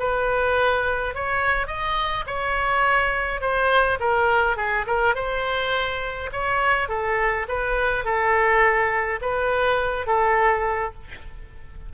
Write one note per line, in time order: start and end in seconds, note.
0.00 1.15 B4
1.15 1.68 C#5
1.68 2.25 D#5
2.27 3.41 C#5
3.41 3.99 C5
4.00 4.57 A#4
4.57 4.86 G#4
4.87 5.16 A#4
5.16 6.31 C5
6.33 6.89 C#5
6.89 7.47 A4
7.48 8.05 B4
8.05 9.20 A4
9.22 10.07 B4
10.07 10.94 A4